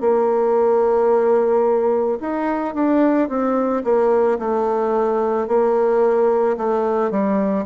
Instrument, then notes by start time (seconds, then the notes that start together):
bassoon
0.00 A#3
2.20 D#4
2.74 D4
3.28 C4
3.84 A#3
4.38 A3
5.47 A#3
6.57 A3
7.11 G3